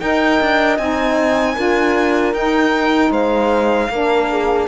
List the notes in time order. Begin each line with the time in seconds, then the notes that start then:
0.00 D#4 A#4 D#5 G5
0.40 D4
0.77 C4 D#4 G#5
1.55 D4 F4 A#4
2.33 D#4 G5
3.10 G#3 C5 F5
3.89 A#3 D4 A#4
4.30 G#4